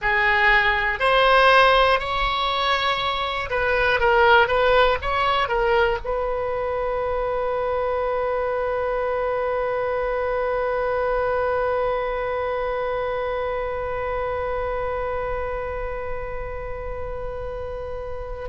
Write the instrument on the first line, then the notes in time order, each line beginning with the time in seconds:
oboe
0.01 G#4
0.99 C5
2.00 C#5
3.50 B4
4.00 A#4
4.47 B4
5.01 C#5
5.48 A#4
6.04 B4